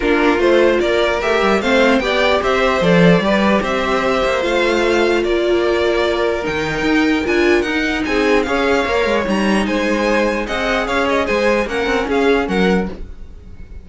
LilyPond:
<<
  \new Staff \with { instrumentName = "violin" } { \time 4/4 \tempo 4 = 149 ais'4 c''4 d''4 e''4 | f''4 g''4 e''4 d''4~ | d''4 e''2 f''4~ | f''4 d''2. |
g''2 gis''4 fis''4 | gis''4 f''2 ais''4 | gis''2 fis''4 f''8 dis''8 | gis''4 fis''4 f''4 fis''4 | }
  \new Staff \with { instrumentName = "violin" } { \time 4/4 f'2 ais'2 | c''4 d''4 c''2 | b'4 c''2.~ | c''4 ais'2.~ |
ais'1 | gis'4 cis''2. | c''2 dis''4 cis''4 | c''4 ais'4 gis'4 ais'4 | }
  \new Staff \with { instrumentName = "viola" } { \time 4/4 d'4 f'2 g'4 | c'4 g'2 a'4 | g'2. f'4~ | f'1 |
dis'2 f'4 dis'4~ | dis'4 gis'4 ais'4 dis'4~ | dis'2 gis'2~ | gis'4 cis'2. | }
  \new Staff \with { instrumentName = "cello" } { \time 4/4 ais4 a4 ais4 a8 g8 | a4 b4 c'4 f4 | g4 c'4. ais8 a4~ | a4 ais2. |
dis4 dis'4 d'4 dis'4 | c'4 cis'4 ais8 gis8 g4 | gis2 c'4 cis'4 | gis4 ais8 c'8 cis'4 fis4 | }
>>